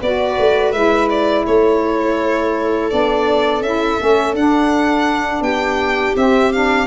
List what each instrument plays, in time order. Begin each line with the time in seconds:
0.00 tuba B3, saxophone F#4, viola B4, violin D5
0.38 tuba A3
0.72 tuba G#3, saxophone E4, violin E5
1.09 violin D5
1.45 tuba A3, viola A4, violin C#5
2.89 tuba B3, saxophone D4, violin D5
3.60 tuba C#4, saxophone E4, violin E5
3.99 tuba A3, saxophone C#4
4.33 tuba D4, saxophone D4, violin F#5
5.41 tuba B3, viola G4, violin G5
6.15 tuba C4, saxophone C4, violin E5
6.52 saxophone D4, violin F5